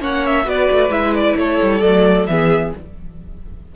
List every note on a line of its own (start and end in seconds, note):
0.00 0.45 A#3
0.00 0.44 C#4
0.00 0.46 C#5
0.00 0.26 F#5
0.26 0.49 E5
0.44 0.68 B3
0.44 0.90 F#4
0.44 1.38 B4
0.44 0.92 D5
0.72 0.89 A3
0.89 1.34 G#3
0.89 1.81 E4
0.89 1.14 E5
1.15 1.37 D5
1.36 1.59 A3
1.36 2.30 A4
1.36 1.81 C#5
1.62 1.82 G3
1.81 2.27 F#3
1.81 2.28 A3
1.81 2.26 D5
2.27 2.73 E3
2.27 2.75 B3
2.27 2.75 G#4
2.27 2.72 E5